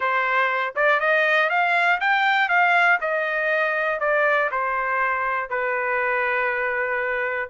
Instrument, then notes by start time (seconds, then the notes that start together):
trumpet
0.00 C5
0.75 D5
1.00 D#5
1.49 F5
2.00 G5
2.48 F5
3.00 D#5
4.00 D5
4.51 C5
5.49 B4